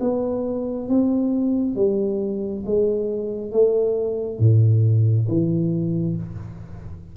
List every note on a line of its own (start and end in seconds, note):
0.00 0.88 B3
0.89 1.76 C4
1.76 2.64 G3
2.66 3.52 G#3
3.52 4.39 A3
4.39 5.27 A2
5.28 6.16 E3